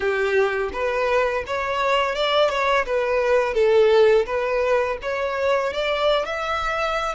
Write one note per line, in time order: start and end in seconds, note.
0.00 0.69 G4
0.72 1.44 B4
1.46 2.15 C#5
2.15 2.49 D5
2.49 2.85 C#5
2.85 3.54 B4
3.54 4.25 A4
4.26 4.97 B4
5.02 5.73 C#5
5.73 6.25 D5
6.25 7.14 E5